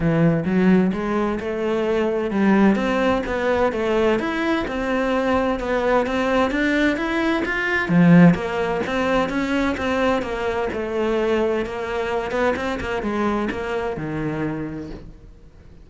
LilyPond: \new Staff \with { instrumentName = "cello" } { \time 4/4 \tempo 4 = 129 e4 fis4 gis4 a4~ | a4 g4 c'4 b4 | a4 e'4 c'2 | b4 c'4 d'4 e'4 |
f'4 f4 ais4 c'4 | cis'4 c'4 ais4 a4~ | a4 ais4. b8 c'8 ais8 | gis4 ais4 dis2 | }